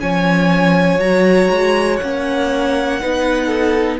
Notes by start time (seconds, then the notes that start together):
0.00 F3 C#4 C#5 G#5
0.99 F#3 F#4 A#5
1.51 G#3
1.97 A#3 C#4 F#5
3.01 B3 D#4 B4
3.46 A4